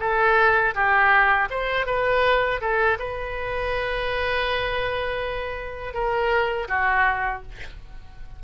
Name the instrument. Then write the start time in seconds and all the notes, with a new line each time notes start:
oboe
0.00 A4
0.75 G4
1.50 C5
1.86 B4
2.61 A4
2.99 B4
5.94 A#4
6.68 F#4